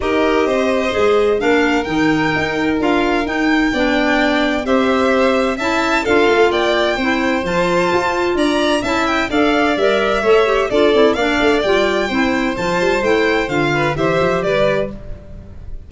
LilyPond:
<<
  \new Staff \with { instrumentName = "violin" } { \time 4/4 \tempo 4 = 129 dis''2. f''4 | g''2 f''4 g''4~ | g''2 e''2 | a''4 f''4 g''2 |
a''2 ais''4 a''8 g''8 | f''4 e''2 d''4 | f''4 g''2 a''4 | g''4 f''4 e''4 d''4 | }
  \new Staff \with { instrumentName = "violin" } { \time 4/4 ais'4 c''2 ais'4~ | ais'1 | d''2 c''2 | e''4 a'4 d''4 c''4~ |
c''2 d''4 e''4 | d''2 cis''4 a'4 | d''2 c''2~ | c''4. b'8 c''4 b'4 | }
  \new Staff \with { instrumentName = "clarinet" } { \time 4/4 g'2 gis'4 d'4 | dis'2 f'4 dis'4 | d'2 g'2 | e'4 f'2 e'4 |
f'2. e'4 | a'4 ais'4 a'8 g'8 f'8 e'8 | d'4 f'4 e'4 f'4 | e'4 f'4 g'2 | }
  \new Staff \with { instrumentName = "tuba" } { \time 4/4 dis'4 c'4 gis4 ais4 | dis4 dis'4 d'4 dis'4 | b2 c'2 | cis'4 d'8 a8 ais4 c'4 |
f4 f'4 d'4 cis'4 | d'4 g4 a4 d'8 c'8 | ais8 a8 g4 c'4 f8 g8 | a4 d4 e8 f8 g4 | }
>>